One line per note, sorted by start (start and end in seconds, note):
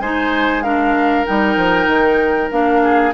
0.00 1.25 G#3
0.00 0.64 D#4
0.00 0.64 C5
0.00 0.63 G#5
0.63 1.26 D4
0.63 2.83 A#4
0.63 1.26 F5
1.26 1.57 G3
1.26 2.51 D#4
1.26 2.51 G5
1.57 1.87 F3
1.87 2.50 D#3
2.51 3.14 A#3
2.51 3.14 D4
2.51 3.14 F5
2.84 3.14 G#4